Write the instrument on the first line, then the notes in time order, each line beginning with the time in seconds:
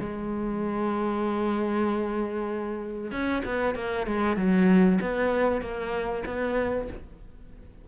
cello
0.00 G#3
3.12 C#4
3.45 B3
3.76 A#3
4.07 G#3
4.37 F#3
5.01 B3
5.62 A#3
6.26 B3